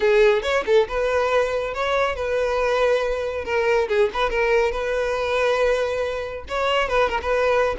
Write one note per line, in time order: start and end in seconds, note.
0.00 0.42 G#4
0.42 0.64 C#5
0.66 0.87 A4
0.88 1.74 B4
1.74 2.15 C#5
2.15 3.45 B4
3.45 3.88 A#4
3.88 4.10 G#4
4.13 4.30 B4
4.30 4.71 A#4
4.71 6.44 B4
6.48 6.88 C#5
6.88 7.09 B4
7.09 7.20 A#4
7.22 7.76 B4